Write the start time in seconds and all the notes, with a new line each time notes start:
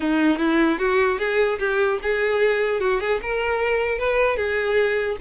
0.00 D#4
0.38 E4
0.79 F#4
1.19 G#4
1.59 G4
2.02 G#4
2.80 F#4
3.00 G#4
3.21 A#4
3.98 B4
4.36 G#4